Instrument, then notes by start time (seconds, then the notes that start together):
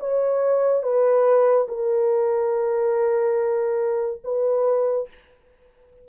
horn
0.00 C#5
0.83 B4
1.69 A#4
4.24 B4